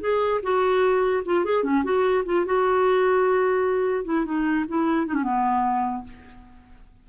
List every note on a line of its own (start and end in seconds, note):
0.00 0.40 G#4
0.42 1.23 F#4
1.25 1.44 F4
1.44 1.63 G#4
1.63 1.83 C#4
1.84 2.24 F#4
2.25 2.45 F4
2.45 4.05 F#4
4.05 4.25 E4
4.25 4.65 D#4
4.68 5.06 E4
5.06 5.14 D#4
5.14 5.23 C#4
5.23 6.03 B3